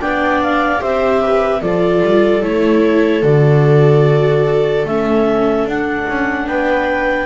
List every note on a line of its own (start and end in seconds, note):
0.00 0.81 B3
0.00 0.79 D4
0.00 0.81 D5
0.00 0.42 G5
0.42 0.82 F5
0.79 1.62 C4
0.79 1.60 G4
0.79 1.21 C5
0.79 1.62 E5
1.21 1.60 B4
1.60 2.02 F3
1.60 2.42 F4
1.60 6.46 A4
1.60 2.43 D5
2.02 2.43 G3
2.42 3.23 A3
2.42 3.23 E4
2.42 3.24 C#5
3.23 4.85 D3
3.23 4.85 F#4
3.23 4.86 D5
4.85 5.65 A3
4.85 5.69 C#4
4.85 5.68 E5
5.65 6.06 D4
5.65 7.26 D4
5.65 6.47 F#5
6.09 6.46 C#4
6.46 7.26 B3
6.46 7.26 B4
6.46 7.26 G5